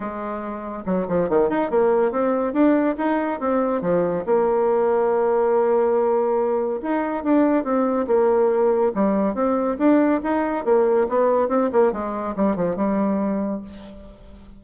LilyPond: \new Staff \with { instrumentName = "bassoon" } { \time 4/4 \tempo 4 = 141 gis2 fis8 f8 dis8 dis'8 | ais4 c'4 d'4 dis'4 | c'4 f4 ais2~ | ais1 |
dis'4 d'4 c'4 ais4~ | ais4 g4 c'4 d'4 | dis'4 ais4 b4 c'8 ais8 | gis4 g8 f8 g2 | }